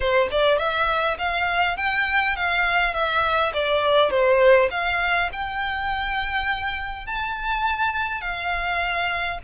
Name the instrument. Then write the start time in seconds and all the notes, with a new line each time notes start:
violin
0.00 C5
0.31 D5
0.58 E5
1.18 F5
1.76 G5
2.35 F5
2.93 E5
3.53 D5
4.10 C5
4.71 F5
5.32 G5
7.06 A5
8.21 F5